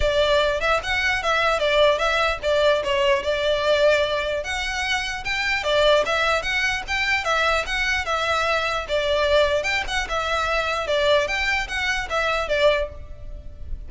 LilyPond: \new Staff \with { instrumentName = "violin" } { \time 4/4 \tempo 4 = 149 d''4. e''8 fis''4 e''4 | d''4 e''4 d''4 cis''4 | d''2. fis''4~ | fis''4 g''4 d''4 e''4 |
fis''4 g''4 e''4 fis''4 | e''2 d''2 | g''8 fis''8 e''2 d''4 | g''4 fis''4 e''4 d''4 | }